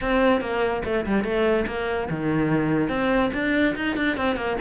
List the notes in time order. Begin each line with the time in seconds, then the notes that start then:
0.01 C4
0.40 A#3
0.84 A3
1.06 G3
1.23 A3
1.67 A#3
2.09 D#3
2.88 C4
3.33 D4
3.75 D#4
3.96 D4
4.16 C4
4.36 A#3